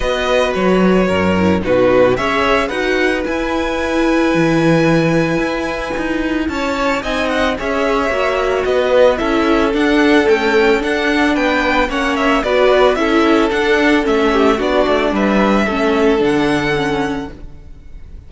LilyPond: <<
  \new Staff \with { instrumentName = "violin" } { \time 4/4 \tempo 4 = 111 dis''4 cis''2 b'4 | e''4 fis''4 gis''2~ | gis''1 | a''4 gis''8 fis''8 e''2 |
dis''4 e''4 fis''4 g''4 | fis''4 g''4 fis''8 e''8 d''4 | e''4 fis''4 e''4 d''4 | e''2 fis''2 | }
  \new Staff \with { instrumentName = "violin" } { \time 4/4 b'2 ais'4 fis'4 | cis''4 b'2.~ | b'1 | cis''4 dis''4 cis''2 |
b'4 a'2.~ | a'4 b'4 cis''4 b'4 | a'2~ a'8 g'8 fis'4 | b'4 a'2. | }
  \new Staff \with { instrumentName = "viola" } { \time 4/4 fis'2~ fis'8 e'8 dis'4 | gis'4 fis'4 e'2~ | e'1~ | e'4 dis'4 gis'4 fis'4~ |
fis'4 e'4 d'4 a4 | d'2 cis'4 fis'4 | e'4 d'4 cis'4 d'4~ | d'4 cis'4 d'4 cis'4 | }
  \new Staff \with { instrumentName = "cello" } { \time 4/4 b4 fis4 fis,4 b,4 | cis'4 dis'4 e'2 | e2 e'4 dis'4 | cis'4 c'4 cis'4 ais4 |
b4 cis'4 d'4 cis'4 | d'4 b4 ais4 b4 | cis'4 d'4 a4 b8 a8 | g4 a4 d2 | }
>>